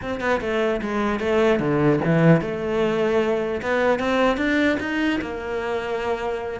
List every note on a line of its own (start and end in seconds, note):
0.02 0.20 C4
0.20 0.40 B3
0.40 0.80 A3
0.81 1.19 G#3
1.19 1.59 A3
1.59 1.99 D3
2.04 2.41 E3
2.41 3.61 A3
3.62 3.99 B3
3.99 4.37 C4
4.37 4.77 D4
4.79 5.19 D#4
5.21 6.60 A#3